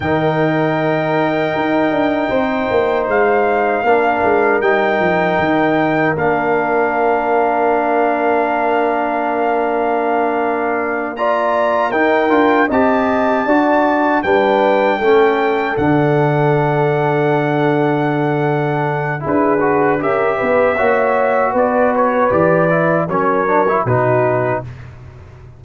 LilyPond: <<
  \new Staff \with { instrumentName = "trumpet" } { \time 4/4 \tempo 4 = 78 g''1 | f''2 g''2 | f''1~ | f''2~ f''8 ais''4 g''8~ |
g''8 a''2 g''4.~ | g''8 fis''2.~ fis''8~ | fis''4 b'4 e''2 | d''8 cis''8 d''4 cis''4 b'4 | }
  \new Staff \with { instrumentName = "horn" } { \time 4/4 ais'2. c''4~ | c''4 ais'2.~ | ais'1~ | ais'2~ ais'8 d''4 ais'8~ |
ais'8 dis''4 d''4 b'4 a'8~ | a'1~ | a'4 gis'4 ais'8 b'8 cis''4 | b'2 ais'4 fis'4 | }
  \new Staff \with { instrumentName = "trombone" } { \time 4/4 dis'1~ | dis'4 d'4 dis'2 | d'1~ | d'2~ d'8 f'4 dis'8 |
f'8 g'4 fis'4 d'4 cis'8~ | cis'8 d'2.~ d'8~ | d'4 e'8 fis'8 g'4 fis'4~ | fis'4 g'8 e'8 cis'8 d'16 e'16 dis'4 | }
  \new Staff \with { instrumentName = "tuba" } { \time 4/4 dis2 dis'8 d'8 c'8 ais8 | gis4 ais8 gis8 g8 f8 dis4 | ais1~ | ais2.~ ais8 dis'8 |
d'8 c'4 d'4 g4 a8~ | a8 d2.~ d8~ | d4 d'4 cis'8 b8 ais4 | b4 e4 fis4 b,4 | }
>>